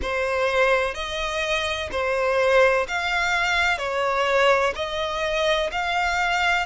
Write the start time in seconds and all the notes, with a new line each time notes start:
0.02 C5
0.94 D#5
1.91 C5
2.88 F5
3.78 C#5
4.75 D#5
5.71 F5